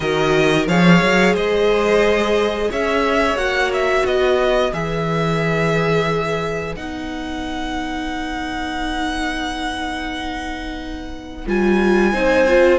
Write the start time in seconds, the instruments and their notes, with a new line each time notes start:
0.00 cello D#3, viola F#4, violin A#4 D#5
0.67 cello F3, viola G#4, violin C#5 F5
1.02 cello F#3
1.34 cello G#3, violin C5 D#5
2.70 cello C#4, violin C#5 E5
3.35 cello A#3, viola F#4, violin F#5
3.73 violin E5
4.03 cello B3, violin B4 D#5
4.72 cello E3, viola G#4, violin E5
6.75 cello B3, viola D#4, violin F#5
11.46 cello G3, viola F4, violin G#5
12.13 cello C4, viola D#4, violin C5
12.47 viola F4